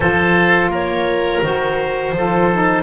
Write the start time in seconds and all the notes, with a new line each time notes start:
0.00 F3 F4 A4 C5
0.68 A#3 A#4 C#5
1.42 D#3 F#4 C5
2.12 F3 F4 A4
2.52 D#4